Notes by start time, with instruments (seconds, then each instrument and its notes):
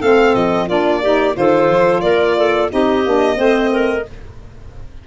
0.00 tuba A3, saxophone C4, clarinet A4, violin F5
0.35 tuba F3, violin D#5
0.68 tuba A#3, saxophone D4, clarinet F4, violin D5
1.02 saxophone D#4, clarinet G4
1.33 tuba D#3, saxophone F4, violin C5
1.39 clarinet A4
1.69 tuba F3
2.01 tuba A#3, clarinet A#4, violin D5
2.38 clarinet A4
2.70 tuba C4, saxophone D#4, clarinet G4, violin D#5
3.05 tuba A#3, saxophone D4
3.36 tuba A3, saxophone C4, clarinet C5
3.72 clarinet A#4